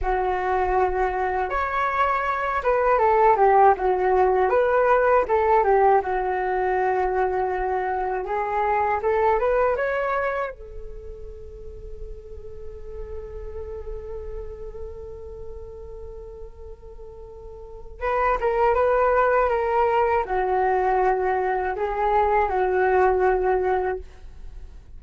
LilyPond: \new Staff \with { instrumentName = "flute" } { \time 4/4 \tempo 4 = 80 fis'2 cis''4. b'8 | a'8 g'8 fis'4 b'4 a'8 g'8 | fis'2. gis'4 | a'8 b'8 cis''4 a'2~ |
a'1~ | a'1 | b'8 ais'8 b'4 ais'4 fis'4~ | fis'4 gis'4 fis'2 | }